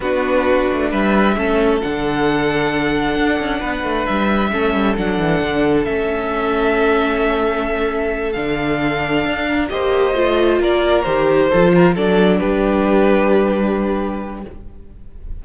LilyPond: <<
  \new Staff \with { instrumentName = "violin" } { \time 4/4 \tempo 4 = 133 b'2 e''2 | fis''1~ | fis''4 e''2 fis''4~ | fis''4 e''2.~ |
e''2~ e''8 f''4.~ | f''4. dis''2 d''8~ | d''8 c''2 d''4 b'8~ | b'1 | }
  \new Staff \with { instrumentName = "violin" } { \time 4/4 fis'2 b'4 a'4~ | a'1 | b'2 a'2~ | a'1~ |
a'1~ | a'4 ais'8 c''2 ais'8~ | ais'4. a'8 ais'8 a'4 g'8~ | g'1 | }
  \new Staff \with { instrumentName = "viola" } { \time 4/4 d'2. cis'4 | d'1~ | d'2 cis'4 d'4~ | d'4 cis'2.~ |
cis'2~ cis'8 d'4.~ | d'4. g'4 f'4.~ | f'8 g'4 f'4 d'4.~ | d'1 | }
  \new Staff \with { instrumentName = "cello" } { \time 4/4 b4. a8 g4 a4 | d2. d'8 cis'8 | b8 a8 g4 a8 g8 fis8 e8 | d4 a2.~ |
a2~ a8 d4.~ | d8 d'4 ais4 a4 ais8~ | ais8 dis4 f4 fis4 g8~ | g1 | }
>>